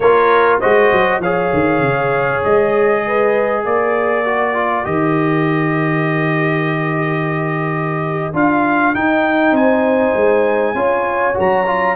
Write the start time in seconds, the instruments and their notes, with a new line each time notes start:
0.00 tuba A#3, trombone F4, horn A#4, trumpet C#5
0.59 tuba G#3, trombone F#4, horn C5, trumpet D#5
0.92 tuba F#3
1.19 tuba F3, trombone G#4, horn C#5, trumpet F5
1.53 tuba D#3
1.79 tuba C#3
2.44 tuba G#3, trumpet D#5
3.07 horn B4
3.63 tuba A#3, horn A#4, trumpet D5
4.24 trombone F#4
4.54 trombone F4
4.84 tuba D#3, trombone G4, trumpet D#5
8.33 tuba D4, trombone F4, trumpet F5
8.94 tuba D#4, trombone D#4, trumpet G5
9.51 tuba C4, horn C5, trumpet G#5
10.15 tuba G#3
10.74 tuba C#4, trombone F4, horn C#5
11.34 tuba F#3, trombone F#4, trumpet A#5
11.66 trombone F4